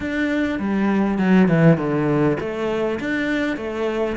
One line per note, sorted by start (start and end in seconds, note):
0.00 0.59 D4
0.59 1.18 G3
1.18 1.48 F#3
1.48 1.77 E3
1.77 2.37 D3
2.40 2.99 A3
3.00 3.56 D4
3.56 4.16 A3